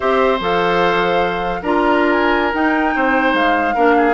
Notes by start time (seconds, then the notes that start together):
0.00 C4 G4 C5 E5
0.39 F3 A4 F5
1.62 D4 F4 A#4 A#5
2.12 G#5
2.52 D#4 G5
2.95 C4 C5
3.33 G#3 F5
3.74 A#3 D4 A#4
3.97 G#4